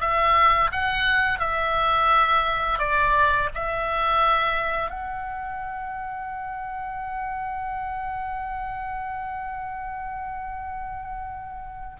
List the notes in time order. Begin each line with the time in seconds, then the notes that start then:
0.00 E5
0.72 F#5
1.39 E5
2.78 D5
3.54 E5
4.90 F#5